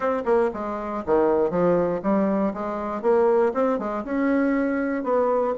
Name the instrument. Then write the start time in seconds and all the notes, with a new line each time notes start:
bassoon
0.00 C4
0.25 A#3
0.53 G#3
1.06 D#3
1.50 F3
2.02 G3
2.53 G#3
3.02 A#3
3.54 C4
3.78 G#3
4.04 C#4
5.03 B3